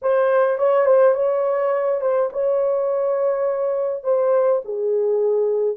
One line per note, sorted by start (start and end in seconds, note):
0.02 0.58 C5
0.58 0.85 C#5
0.85 1.14 C5
1.14 2.01 C#5
2.01 2.29 C5
2.32 4.03 C#5
4.03 4.61 C5
4.64 5.76 G#4